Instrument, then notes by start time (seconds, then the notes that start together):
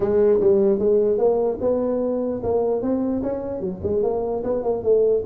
tuba
0.00 G#3
0.40 G3
0.78 G#3
1.18 A#3
1.61 B3
2.43 A#3
2.82 C4
3.22 C#4
3.60 F#3
3.83 G#3
4.03 A#3
4.43 B3
4.63 A#3
4.83 A3